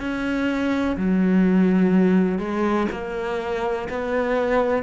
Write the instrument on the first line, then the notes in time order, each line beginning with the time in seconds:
cello
0.00 C#4
0.97 F#3
2.39 G#3
2.92 A#3
3.90 B3